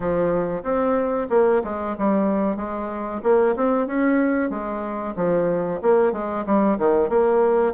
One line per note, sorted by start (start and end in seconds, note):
0.00 0.62 F3
0.63 1.27 C4
1.29 1.61 A#3
1.63 1.96 G#3
1.98 2.56 G3
2.56 3.21 G#3
3.23 3.55 A#3
3.56 3.87 C4
3.87 4.50 C#4
4.50 5.14 G#3
5.16 5.80 F3
5.82 6.12 A#3
6.12 6.44 G#3
6.45 6.78 G3
6.78 7.09 D#3
7.09 7.73 A#3